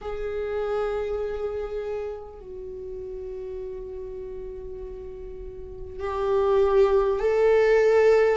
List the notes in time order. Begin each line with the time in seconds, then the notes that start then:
0.01 G#4
2.39 F#4
5.99 G4
7.19 A4